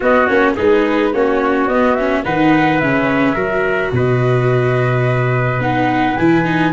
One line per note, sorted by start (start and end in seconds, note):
0.00 0.28 B3
0.00 0.54 F#4
0.00 0.26 D#5
0.26 0.56 A#3
0.26 0.56 C#4
0.26 0.54 C#5
0.55 1.13 G#3
0.55 1.13 D#4
0.55 1.11 G#4
0.55 1.13 B4
1.13 1.67 A#3
1.13 1.69 C#4
1.13 2.24 F#4
1.13 1.68 C#5
1.67 2.23 B3
1.67 1.98 B3
1.67 1.94 D#5
1.94 2.25 C#4
1.94 2.22 E5
2.24 2.81 D#3
2.24 2.81 D#4
2.24 3.34 B4
2.24 2.79 F#5
2.79 3.35 C#3
2.79 3.35 C#4
2.79 3.91 E5
3.34 3.91 F#3
3.34 5.60 F#4
3.34 3.90 A#4
3.91 5.58 B2
3.91 6.72 B4
3.91 5.61 D#5
5.58 6.14 B3
5.58 6.16 D#4
5.58 6.16 F#5
6.16 6.72 E3
6.16 6.44 E4
6.16 6.72 G#5
6.44 6.72 D#4